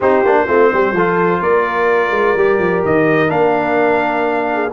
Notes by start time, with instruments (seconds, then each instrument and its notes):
0.00 tuba C4, trombone D#4, horn G4, trumpet C5
0.23 tuba A#3, trombone D4
0.47 tuba A3, trombone C4, horn F4
0.73 tuba G3, horn G4
0.92 tuba F3, trombone F4, horn A4
1.41 tuba A#3, horn A#4, trumpet D5
2.10 tuba G#3
2.35 tuba G3, trombone G4
2.58 tuba F3
2.85 tuba D#3, trumpet D#5
3.28 tuba A#3, trombone D4, trumpet F5
4.53 horn G#4